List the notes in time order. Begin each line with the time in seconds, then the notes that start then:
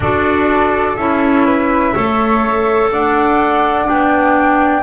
0.00 D4 F#4 A4 D5
0.96 C#4 E4 E5
1.45 B4
1.94 A3 A4 C#5
2.91 D4 D5 F#5
3.85 B3 D4 G5